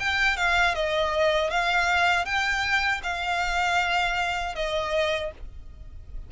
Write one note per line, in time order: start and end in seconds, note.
0.00 0.37 G5
0.37 0.75 F5
0.75 1.51 D#5
1.51 2.25 F5
2.25 3.01 G5
3.03 4.55 F5
4.55 5.31 D#5